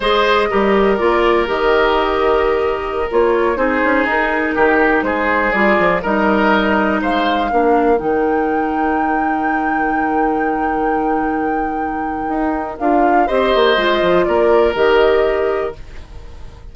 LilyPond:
<<
  \new Staff \with { instrumentName = "flute" } { \time 4/4 \tempo 4 = 122 dis''2 d''4 dis''4~ | dis''2~ dis''16 cis''4 c''8.~ | c''16 ais'2 c''4 d''8.~ | d''16 dis''2 f''4.~ f''16~ |
f''16 g''2.~ g''8.~ | g''1~ | g''2 f''4 dis''4~ | dis''4 d''4 dis''2 | }
  \new Staff \with { instrumentName = "oboe" } { \time 4/4 c''4 ais'2.~ | ais'2.~ ais'16 gis'8.~ | gis'4~ gis'16 g'4 gis'4.~ gis'16~ | gis'16 ais'2 c''4 ais'8.~ |
ais'1~ | ais'1~ | ais'2. c''4~ | c''4 ais'2. | }
  \new Staff \with { instrumentName = "clarinet" } { \time 4/4 gis'4 g'4 f'4 g'4~ | g'2~ g'16 f'4 dis'8.~ | dis'2.~ dis'16 f'8.~ | f'16 dis'2. d'8.~ |
d'16 dis'2.~ dis'8.~ | dis'1~ | dis'2 f'4 g'4 | f'2 g'2 | }
  \new Staff \with { instrumentName = "bassoon" } { \time 4/4 gis4 g4 ais4 dis4~ | dis2~ dis16 ais4 c'8 cis'16~ | cis'16 dis'4 dis4 gis4 g8 f16~ | f16 g2 gis4 ais8.~ |
ais16 dis2.~ dis8.~ | dis1~ | dis4 dis'4 d'4 c'8 ais8 | gis8 f8 ais4 dis2 | }
>>